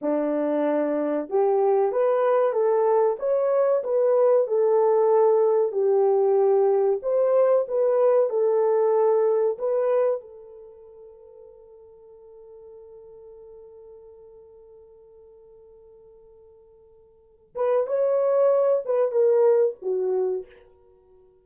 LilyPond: \new Staff \with { instrumentName = "horn" } { \time 4/4 \tempo 4 = 94 d'2 g'4 b'4 | a'4 cis''4 b'4 a'4~ | a'4 g'2 c''4 | b'4 a'2 b'4 |
a'1~ | a'1~ | a'2.~ a'8 b'8 | cis''4. b'8 ais'4 fis'4 | }